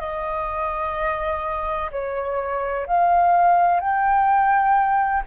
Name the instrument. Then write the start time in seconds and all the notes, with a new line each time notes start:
flute
0.00 D#5
1.91 C#5
2.87 F5
3.80 G5